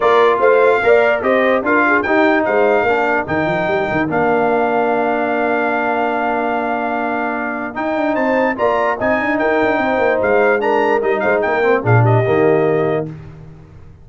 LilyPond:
<<
  \new Staff \with { instrumentName = "trumpet" } { \time 4/4 \tempo 4 = 147 d''4 f''2 dis''4 | f''4 g''4 f''2 | g''2 f''2~ | f''1~ |
f''2. g''4 | a''4 ais''4 gis''4 g''4~ | g''4 f''4 ais''4 dis''8 f''8 | g''4 f''8 dis''2~ dis''8 | }
  \new Staff \with { instrumentName = "horn" } { \time 4/4 ais'4 c''4 d''4 c''4 | ais'8 gis'8 g'4 c''4 ais'4~ | ais'1~ | ais'1~ |
ais'1 | c''4 d''4 dis''4 ais'4 | c''2 ais'4. c''8 | ais'4 gis'8 g'2~ g'8 | }
  \new Staff \with { instrumentName = "trombone" } { \time 4/4 f'2 ais'4 g'4 | f'4 dis'2 d'4 | dis'2 d'2~ | d'1~ |
d'2. dis'4~ | dis'4 f'4 dis'2~ | dis'2 d'4 dis'4~ | dis'8 c'8 d'4 ais2 | }
  \new Staff \with { instrumentName = "tuba" } { \time 4/4 ais4 a4 ais4 c'4 | d'4 dis'4 gis4 ais4 | dis8 f8 g8 dis8 ais2~ | ais1~ |
ais2. dis'8 d'8 | c'4 ais4 c'8 d'8 dis'8 d'8 | c'8 ais8 gis2 g8 gis8 | ais4 ais,4 dis2 | }
>>